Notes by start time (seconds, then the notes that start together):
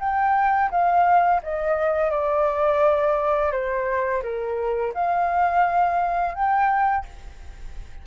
0.00 G5
0.71 F5
1.43 D#5
2.11 D5
3.52 C5
4.23 A#4
4.94 F5
6.35 G5